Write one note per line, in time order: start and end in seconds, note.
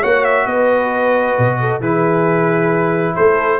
0.00 0.46 A#3
0.00 1.82 F#4
0.00 0.45 C#5
0.00 0.24 F#5
0.24 0.47 E5
0.46 1.35 B3
0.46 1.58 B4
0.46 1.81 D#5
1.38 1.80 B2
1.60 1.80 A4
1.80 3.14 E3
1.80 3.60 E4
1.80 3.14 G#4
1.80 3.15 B4
3.15 3.60 A3
3.15 3.59 A4
3.15 3.60 C5